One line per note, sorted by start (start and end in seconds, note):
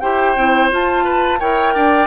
0.00 0.37 E4
0.00 0.36 G4
0.00 1.04 C5
0.00 0.69 G5
0.37 0.71 C4
0.37 0.71 E4
0.71 1.40 F4
0.71 1.41 F4
0.71 1.40 A5
1.04 1.39 B4
1.40 1.75 E4
1.40 2.07 A#4
1.40 1.74 C#5
1.40 2.07 G5
1.74 2.07 D4
1.74 2.07 D5